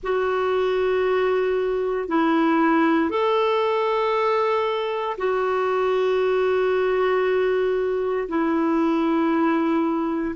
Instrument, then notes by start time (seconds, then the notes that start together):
clarinet
0.03 F#4
2.08 E4
3.10 A4
5.17 F#4
8.28 E4